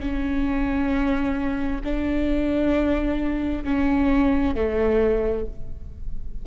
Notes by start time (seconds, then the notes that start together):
0.00 C#4
1.84 D4
3.64 C#4
4.55 A3